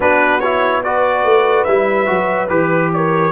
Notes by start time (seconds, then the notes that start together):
0.00 B3 D4 F#4 B4
0.39 E4 C#5
0.83 F#4 B4 D5
1.24 A3
1.64 G3 E4 E5
2.06 F#3 F#4
2.48 E3 G4 B4
2.93 A#4 C#5